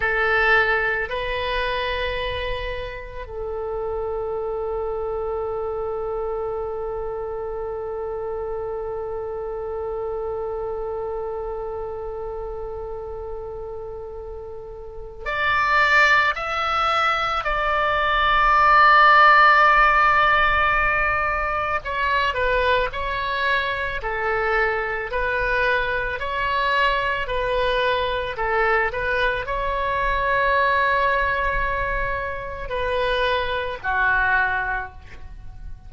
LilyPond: \new Staff \with { instrumentName = "oboe" } { \time 4/4 \tempo 4 = 55 a'4 b'2 a'4~ | a'1~ | a'1~ | a'2 d''4 e''4 |
d''1 | cis''8 b'8 cis''4 a'4 b'4 | cis''4 b'4 a'8 b'8 cis''4~ | cis''2 b'4 fis'4 | }